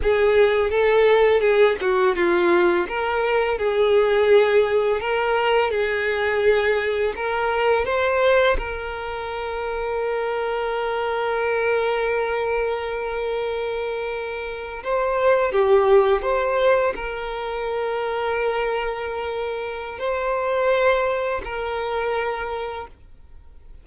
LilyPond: \new Staff \with { instrumentName = "violin" } { \time 4/4 \tempo 4 = 84 gis'4 a'4 gis'8 fis'8 f'4 | ais'4 gis'2 ais'4 | gis'2 ais'4 c''4 | ais'1~ |
ais'1~ | ais'8. c''4 g'4 c''4 ais'16~ | ais'1 | c''2 ais'2 | }